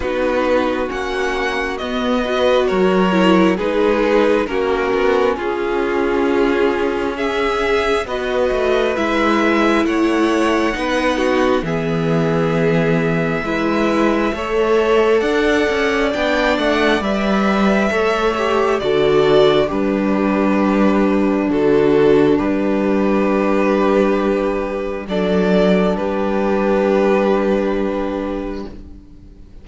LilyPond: <<
  \new Staff \with { instrumentName = "violin" } { \time 4/4 \tempo 4 = 67 b'4 fis''4 dis''4 cis''4 | b'4 ais'4 gis'2 | e''4 dis''4 e''4 fis''4~ | fis''4 e''2.~ |
e''4 fis''4 g''8 fis''8 e''4~ | e''4 d''4 b'2 | a'4 b'2. | d''4 b'2. | }
  \new Staff \with { instrumentName = "violin" } { \time 4/4 fis'2~ fis'8 b'8 ais'4 | gis'4 fis'4 f'2 | gis'4 b'2 cis''4 | b'8 fis'8 gis'2 b'4 |
cis''4 d''2. | cis''4 a'4 d'2~ | d'1 | a'4 g'2. | }
  \new Staff \with { instrumentName = "viola" } { \time 4/4 dis'4 cis'4 b8 fis'4 e'8 | dis'4 cis'2.~ | cis'4 fis'4 e'2 | dis'4 b2 e'4 |
a'2 d'4 b'4 | a'8 g'8 fis'4 g'2 | fis'4 g'2. | d'1 | }
  \new Staff \with { instrumentName = "cello" } { \time 4/4 b4 ais4 b4 fis4 | gis4 ais8 b8 cis'2~ | cis'4 b8 a8 gis4 a4 | b4 e2 gis4 |
a4 d'8 cis'8 b8 a8 g4 | a4 d4 g2 | d4 g2. | fis4 g2. | }
>>